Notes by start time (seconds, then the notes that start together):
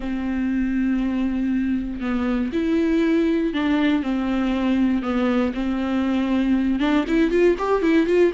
0.00 C4
2.00 B3
2.52 E4
3.53 D4
4.02 C4
5.02 B3
5.53 C4
6.79 D4
7.07 E4
7.30 F4
7.58 G4
7.82 E4
8.06 F4